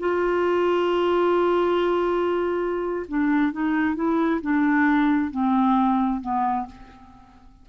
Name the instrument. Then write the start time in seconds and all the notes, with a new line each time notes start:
clarinet
0.00 F4
3.09 D4
3.52 D#4
3.95 E4
4.42 D4
5.31 C4
6.21 B3